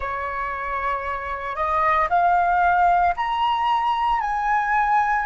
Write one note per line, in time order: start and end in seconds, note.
0.00 1.55 C#5
1.55 2.08 D#5
2.09 3.14 F5
3.16 4.21 A#5
4.21 5.25 G#5